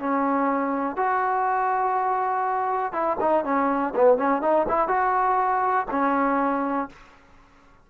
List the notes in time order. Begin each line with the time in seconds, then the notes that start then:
0.00 C#4
0.97 F#4
2.93 E4
3.21 D#4
3.45 C#4
3.96 B3
4.18 C#4
4.42 D#4
4.69 E4
4.88 F#4
5.91 C#4